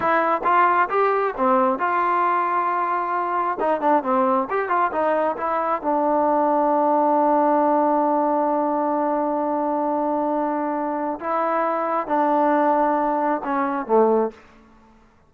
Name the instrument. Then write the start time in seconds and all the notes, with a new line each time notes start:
trombone
0.00 E4
0.44 F4
0.89 G4
1.37 C4
1.78 F4
3.60 D#4
3.80 D4
4.03 C4
4.50 G4
4.68 F4
4.91 D#4
5.37 E4
5.82 D4
11.20 E4
12.07 D4
13.43 C#4
13.86 A3